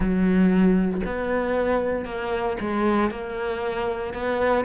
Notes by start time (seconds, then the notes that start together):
0.00 F#3
1.05 B3
2.05 A#3
2.60 G#3
3.10 A#3
4.13 B3